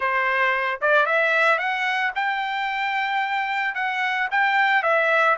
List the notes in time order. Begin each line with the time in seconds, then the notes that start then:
0.00 C5
0.81 D5
1.06 E5
1.58 F#5
2.15 G5
3.75 F#5
4.31 G5
4.82 E5